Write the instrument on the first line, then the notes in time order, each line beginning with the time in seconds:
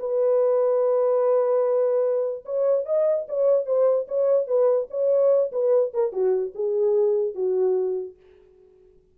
horn
0.00 B4
2.46 C#5
2.86 D#5
3.29 C#5
3.66 C5
4.08 C#5
4.47 B4
4.91 C#5
5.52 B4
5.94 A#4
6.13 F#4
6.55 G#4
7.35 F#4